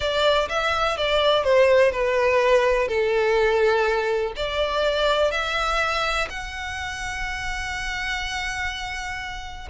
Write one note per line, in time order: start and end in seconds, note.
0.00 0.48 D5
0.49 0.97 E5
0.97 1.43 D5
1.43 1.91 C5
1.91 2.88 B4
2.88 4.33 A4
4.36 5.31 D5
5.31 6.27 E5
6.29 9.68 F#5